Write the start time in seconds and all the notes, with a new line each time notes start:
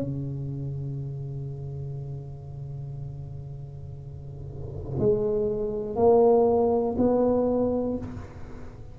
0.00 C#3
4.99 G#3
5.95 A#3
6.98 B3